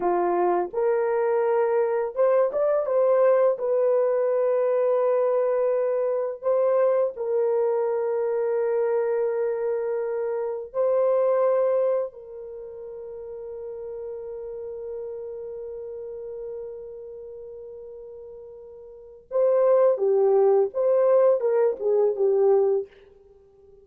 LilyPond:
\new Staff \with { instrumentName = "horn" } { \time 4/4 \tempo 4 = 84 f'4 ais'2 c''8 d''8 | c''4 b'2.~ | b'4 c''4 ais'2~ | ais'2. c''4~ |
c''4 ais'2.~ | ais'1~ | ais'2. c''4 | g'4 c''4 ais'8 gis'8 g'4 | }